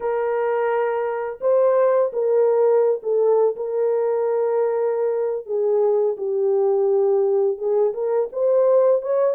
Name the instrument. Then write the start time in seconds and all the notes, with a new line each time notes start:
horn
0.00 A#4
1.41 C5
2.12 A#4
3.02 A4
3.56 A#4
5.45 G#4
6.17 G4
7.58 G#4
7.93 A#4
8.32 C5
9.02 C#5